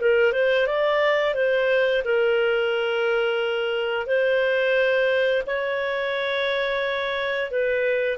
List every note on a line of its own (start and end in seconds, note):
0.00 0.32 A#4
0.32 0.66 C5
0.66 1.34 D5
1.34 2.02 C5
2.04 4.06 A#4
4.06 5.42 C5
5.46 7.50 C#5
7.50 8.17 B4